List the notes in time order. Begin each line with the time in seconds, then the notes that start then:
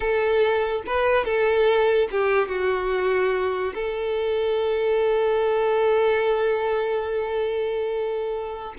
0.00 A4
0.86 B4
1.24 A4
2.11 G4
2.48 F#4
3.74 A4